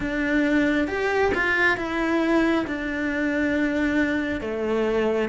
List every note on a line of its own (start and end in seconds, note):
0.00 0.87 D4
0.87 1.32 G4
1.34 1.77 F4
1.77 2.65 E4
2.67 4.40 D4
4.40 5.29 A3